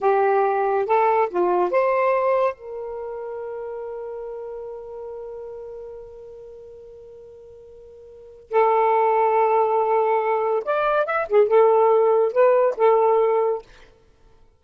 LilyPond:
\new Staff \with { instrumentName = "saxophone" } { \time 4/4 \tempo 4 = 141 g'2 a'4 f'4 | c''2 ais'2~ | ais'1~ | ais'1~ |
ais'1 | a'1~ | a'4 d''4 e''8 gis'8 a'4~ | a'4 b'4 a'2 | }